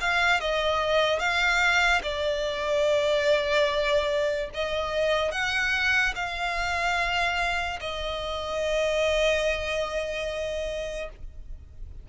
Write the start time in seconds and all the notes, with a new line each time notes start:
0.00 F5
0.40 D#5
1.19 F5
2.02 D5
4.54 D#5
5.31 F#5
6.15 F5
7.80 D#5